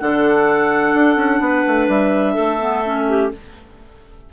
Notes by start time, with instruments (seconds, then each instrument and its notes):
0.00 bassoon D3, clarinet D4 A4 F#5
0.94 bassoon D4
1.16 bassoon C#4
1.40 bassoon B3, clarinet B4
1.67 bassoon A3
1.89 bassoon G3, clarinet E5
2.34 bassoon A3, clarinet A4
2.60 clarinet B3
2.85 clarinet C#4
3.08 clarinet G4